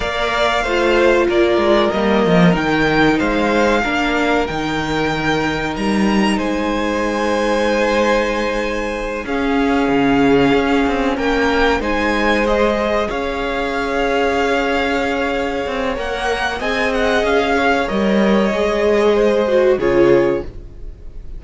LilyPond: <<
  \new Staff \with { instrumentName = "violin" } { \time 4/4 \tempo 4 = 94 f''2 d''4 dis''4 | g''4 f''2 g''4~ | g''4 ais''4 gis''2~ | gis''2~ gis''8 f''4.~ |
f''4. g''4 gis''4 dis''8~ | dis''8 f''2.~ f''8~ | f''4 fis''4 gis''8 fis''8 f''4 | dis''2. cis''4 | }
  \new Staff \with { instrumentName = "violin" } { \time 4/4 d''4 c''4 ais'2~ | ais'4 c''4 ais'2~ | ais'2 c''2~ | c''2~ c''8 gis'4.~ |
gis'4. ais'4 c''4.~ | c''8 cis''2.~ cis''8~ | cis''2 dis''4. cis''8~ | cis''2 c''4 gis'4 | }
  \new Staff \with { instrumentName = "viola" } { \time 4/4 ais'4 f'2 ais4 | dis'2 d'4 dis'4~ | dis'1~ | dis'2~ dis'8 cis'4.~ |
cis'2~ cis'8 dis'4 gis'8~ | gis'1~ | gis'4 ais'4 gis'2 | ais'4 gis'4. fis'8 f'4 | }
  \new Staff \with { instrumentName = "cello" } { \time 4/4 ais4 a4 ais8 gis8 g8 f8 | dis4 gis4 ais4 dis4~ | dis4 g4 gis2~ | gis2~ gis8 cis'4 cis8~ |
cis8 cis'8 c'8 ais4 gis4.~ | gis8 cis'2.~ cis'8~ | cis'8 c'8 ais4 c'4 cis'4 | g4 gis2 cis4 | }
>>